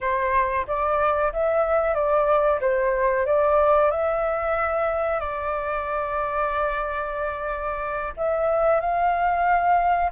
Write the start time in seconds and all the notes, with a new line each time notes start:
0.00 C5
0.67 D5
1.32 E5
1.94 D5
2.61 C5
3.25 D5
3.90 E5
5.19 D5
8.17 E5
8.80 F5